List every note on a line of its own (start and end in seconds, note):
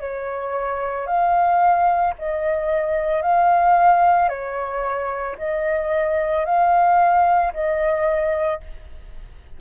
0.00 1.07 C#5
1.07 2.14 F5
2.19 3.22 D#5
3.22 4.29 F5
4.29 5.36 C#5
5.38 6.45 D#5
6.45 7.52 F5
7.53 8.61 D#5